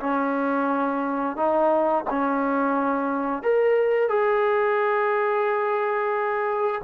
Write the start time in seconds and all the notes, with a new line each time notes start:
0.00 C#4
1.36 D#4
2.10 C#4
3.43 A#4
4.08 G#4